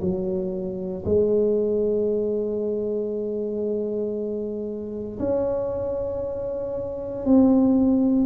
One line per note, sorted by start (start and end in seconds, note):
0.00 1.03 F#3
1.05 5.19 G#3
5.19 7.25 C#4
7.25 8.25 C4